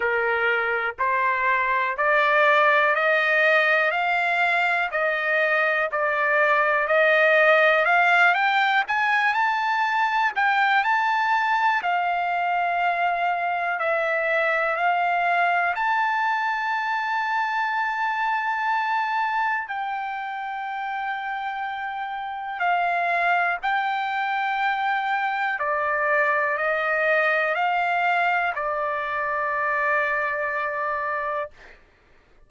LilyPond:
\new Staff \with { instrumentName = "trumpet" } { \time 4/4 \tempo 4 = 61 ais'4 c''4 d''4 dis''4 | f''4 dis''4 d''4 dis''4 | f''8 g''8 gis''8 a''4 g''8 a''4 | f''2 e''4 f''4 |
a''1 | g''2. f''4 | g''2 d''4 dis''4 | f''4 d''2. | }